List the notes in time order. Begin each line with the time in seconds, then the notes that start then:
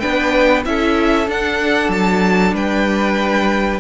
0.00 B3 D4 B4 G5
0.65 C#4 E4 A4 E5
1.28 D4 F#5
1.89 F#3 A5
2.53 G3 B4 G5